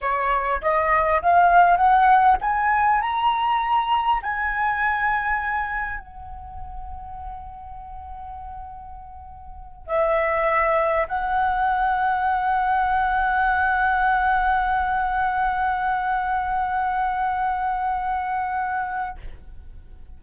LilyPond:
\new Staff \with { instrumentName = "flute" } { \time 4/4 \tempo 4 = 100 cis''4 dis''4 f''4 fis''4 | gis''4 ais''2 gis''4~ | gis''2 fis''2~ | fis''1~ |
fis''8 e''2 fis''4.~ | fis''1~ | fis''1~ | fis''1 | }